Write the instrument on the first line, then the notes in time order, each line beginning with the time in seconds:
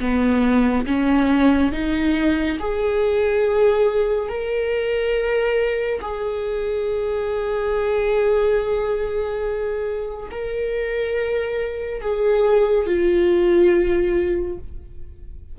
viola
0.00 B3
0.86 C#4
1.72 D#4
2.60 G#4
4.29 A#4
6.02 G#4
10.31 A#4
12.02 G#4
12.87 F4